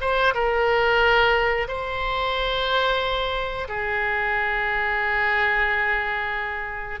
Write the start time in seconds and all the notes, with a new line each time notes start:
0.00 C5
0.34 A#4
1.67 C5
3.68 G#4